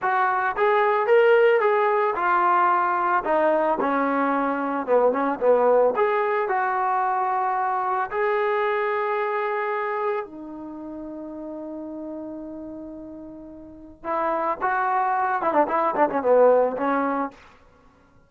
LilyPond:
\new Staff \with { instrumentName = "trombone" } { \time 4/4 \tempo 4 = 111 fis'4 gis'4 ais'4 gis'4 | f'2 dis'4 cis'4~ | cis'4 b8 cis'8 b4 gis'4 | fis'2. gis'4~ |
gis'2. dis'4~ | dis'1~ | dis'2 e'4 fis'4~ | fis'8 e'16 d'16 e'8 d'16 cis'16 b4 cis'4 | }